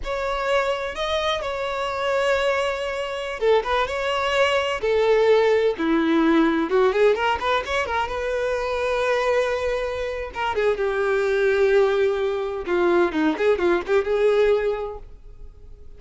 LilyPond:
\new Staff \with { instrumentName = "violin" } { \time 4/4 \tempo 4 = 128 cis''2 dis''4 cis''4~ | cis''2.~ cis''16 a'8 b'16~ | b'16 cis''2 a'4.~ a'16~ | a'16 e'2 fis'8 gis'8 ais'8 b'16~ |
b'16 cis''8 ais'8 b'2~ b'8.~ | b'2 ais'8 gis'8 g'4~ | g'2. f'4 | dis'8 gis'8 f'8 g'8 gis'2 | }